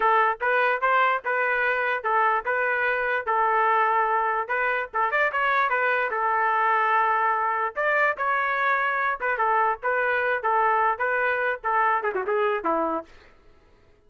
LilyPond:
\new Staff \with { instrumentName = "trumpet" } { \time 4/4 \tempo 4 = 147 a'4 b'4 c''4 b'4~ | b'4 a'4 b'2 | a'2. b'4 | a'8 d''8 cis''4 b'4 a'4~ |
a'2. d''4 | cis''2~ cis''8 b'8 a'4 | b'4. a'4. b'4~ | b'8 a'4 gis'16 fis'16 gis'4 e'4 | }